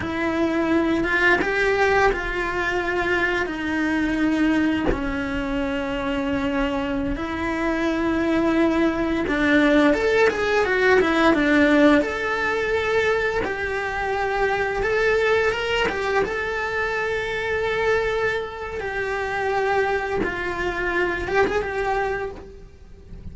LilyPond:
\new Staff \with { instrumentName = "cello" } { \time 4/4 \tempo 4 = 86 e'4. f'8 g'4 f'4~ | f'4 dis'2 cis'4~ | cis'2~ cis'16 e'4.~ e'16~ | e'4~ e'16 d'4 a'8 gis'8 fis'8 e'16~ |
e'16 d'4 a'2 g'8.~ | g'4~ g'16 a'4 ais'8 g'8 a'8.~ | a'2. g'4~ | g'4 f'4. g'16 gis'16 g'4 | }